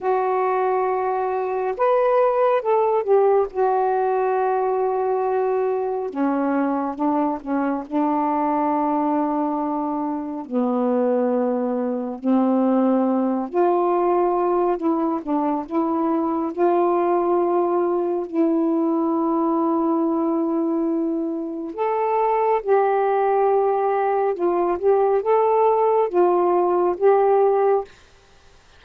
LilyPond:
\new Staff \with { instrumentName = "saxophone" } { \time 4/4 \tempo 4 = 69 fis'2 b'4 a'8 g'8 | fis'2. cis'4 | d'8 cis'8 d'2. | b2 c'4. f'8~ |
f'4 e'8 d'8 e'4 f'4~ | f'4 e'2.~ | e'4 a'4 g'2 | f'8 g'8 a'4 f'4 g'4 | }